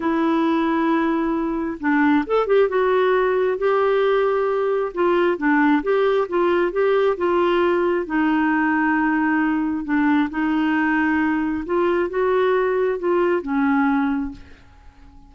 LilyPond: \new Staff \with { instrumentName = "clarinet" } { \time 4/4 \tempo 4 = 134 e'1 | d'4 a'8 g'8 fis'2 | g'2. f'4 | d'4 g'4 f'4 g'4 |
f'2 dis'2~ | dis'2 d'4 dis'4~ | dis'2 f'4 fis'4~ | fis'4 f'4 cis'2 | }